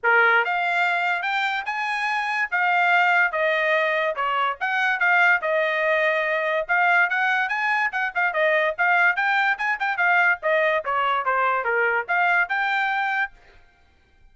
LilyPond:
\new Staff \with { instrumentName = "trumpet" } { \time 4/4 \tempo 4 = 144 ais'4 f''2 g''4 | gis''2 f''2 | dis''2 cis''4 fis''4 | f''4 dis''2. |
f''4 fis''4 gis''4 fis''8 f''8 | dis''4 f''4 g''4 gis''8 g''8 | f''4 dis''4 cis''4 c''4 | ais'4 f''4 g''2 | }